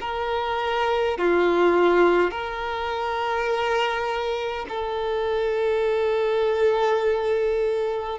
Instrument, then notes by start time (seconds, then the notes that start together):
violin
0.00 A#4
1.18 F4
2.30 A#4
4.68 A4